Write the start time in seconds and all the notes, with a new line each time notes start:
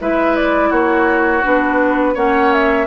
0.00 G#3 E4 B4 E5
0.36 D5
0.69 A#3 F#4 C#5
1.43 B3 D4 B4
2.14 A#3 C#4 C#5 F#5
2.53 E5